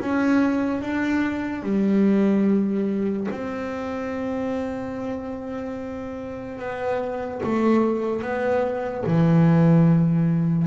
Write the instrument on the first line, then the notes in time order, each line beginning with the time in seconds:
double bass
0.00 C#4
0.81 D4
1.63 G3
3.31 C4
6.59 B3
7.43 A3
8.22 B3
9.07 E3